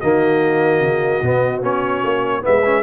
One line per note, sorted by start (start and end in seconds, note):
0.00 0.80 D#3
0.00 1.24 A#3
0.00 2.42 F#4
0.00 1.62 D#5
0.80 1.20 C#3
1.22 1.62 B2
1.22 1.62 B3
1.62 2.02 B3
1.62 2.42 C#4
1.62 2.45 C#5
2.03 2.44 A#3
2.42 2.83 G#3
2.42 2.62 B3
2.42 2.83 B4
2.42 2.83 E5
2.65 2.83 C#4